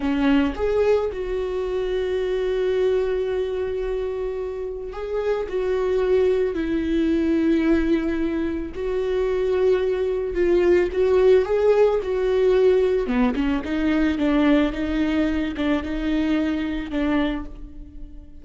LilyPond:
\new Staff \with { instrumentName = "viola" } { \time 4/4 \tempo 4 = 110 cis'4 gis'4 fis'2~ | fis'1~ | fis'4 gis'4 fis'2 | e'1 |
fis'2. f'4 | fis'4 gis'4 fis'2 | b8 cis'8 dis'4 d'4 dis'4~ | dis'8 d'8 dis'2 d'4 | }